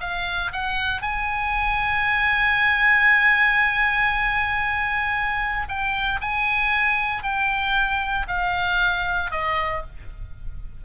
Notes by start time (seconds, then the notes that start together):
0.00 F5
0.52 F#5
1.02 G#5
5.68 G5
6.21 G#5
7.23 G5
8.27 F5
9.31 D#5